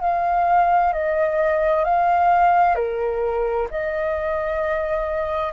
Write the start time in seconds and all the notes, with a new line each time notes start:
0.00 F5
0.92 D#5
1.84 F5
2.75 A#4
3.70 D#5